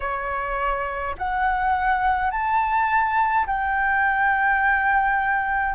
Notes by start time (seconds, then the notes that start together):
0.00 C#5
1.17 F#5
2.30 A5
3.46 G5